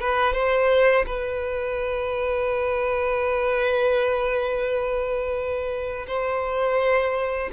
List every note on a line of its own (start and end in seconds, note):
0.00 0.33 B4
0.33 1.05 C5
1.06 6.06 B4
6.07 7.50 C5